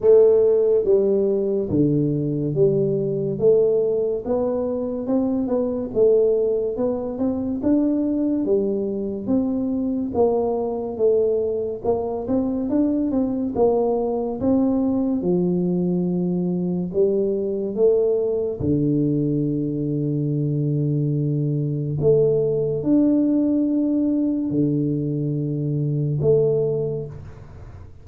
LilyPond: \new Staff \with { instrumentName = "tuba" } { \time 4/4 \tempo 4 = 71 a4 g4 d4 g4 | a4 b4 c'8 b8 a4 | b8 c'8 d'4 g4 c'4 | ais4 a4 ais8 c'8 d'8 c'8 |
ais4 c'4 f2 | g4 a4 d2~ | d2 a4 d'4~ | d'4 d2 a4 | }